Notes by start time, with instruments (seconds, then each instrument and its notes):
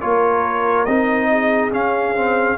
0.00 tuba A#3, trombone F4, horn A#4, trumpet C#5
0.85 tuba C4, trombone D#4, trumpet D#5
1.31 horn G#4
1.72 trombone C#4, tuba C#4, trumpet F5
2.15 trombone C4